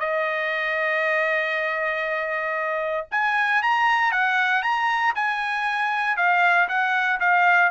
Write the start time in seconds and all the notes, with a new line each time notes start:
0.00 D#5
3.11 G#5
3.63 A#5
4.12 F#5
4.63 A#5
5.16 G#5
6.17 F5
6.69 F#5
7.20 F5